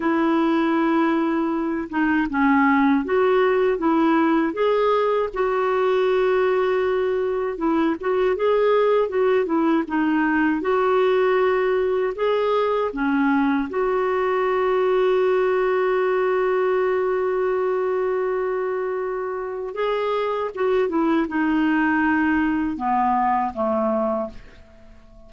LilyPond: \new Staff \with { instrumentName = "clarinet" } { \time 4/4 \tempo 4 = 79 e'2~ e'8 dis'8 cis'4 | fis'4 e'4 gis'4 fis'4~ | fis'2 e'8 fis'8 gis'4 | fis'8 e'8 dis'4 fis'2 |
gis'4 cis'4 fis'2~ | fis'1~ | fis'2 gis'4 fis'8 e'8 | dis'2 b4 a4 | }